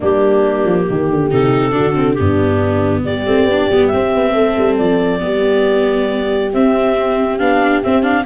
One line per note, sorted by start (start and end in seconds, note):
0.00 0.64 G3
0.00 1.30 A#3
0.00 0.84 D4
0.00 1.31 G4
0.64 0.86 F3
0.89 1.10 D#3
0.89 1.73 G4
1.10 1.31 D3
1.30 1.76 C3
1.30 1.71 D#4
1.30 2.13 A4
1.71 1.93 D4
1.71 2.16 F#4
1.79 2.19 D3
1.94 2.16 C4
2.13 3.06 G2
2.13 3.03 D4
2.13 3.00 G4
2.19 3.26 B3
3.03 3.26 G3
3.03 4.32 G4
3.03 3.87 D5
3.26 3.45 A3
3.26 3.48 C4
3.45 3.66 B3
3.51 3.71 D4
3.70 3.92 G3
3.70 3.93 B3
3.87 5.19 C4
3.87 4.74 E5
3.93 4.15 C4
4.15 4.35 B3
4.32 4.56 A3
4.32 5.19 A4
4.57 4.79 G3
4.78 5.22 F3
4.78 6.52 D5
5.19 6.53 G3
5.19 6.50 B3
5.19 8.25 G4
6.53 7.39 C4
6.53 7.38 E5
7.38 7.83 B3
7.38 7.83 D4
7.38 7.81 F5
7.82 8.02 C4
7.82 8.25 C4
7.82 8.02 E5
8.02 8.24 D4
8.02 8.24 F5